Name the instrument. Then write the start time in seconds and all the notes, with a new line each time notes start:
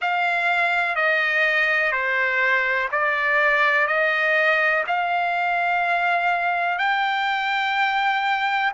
trumpet
0.00 F5
0.95 D#5
1.91 C5
2.91 D5
3.87 D#5
4.87 F5
6.78 G5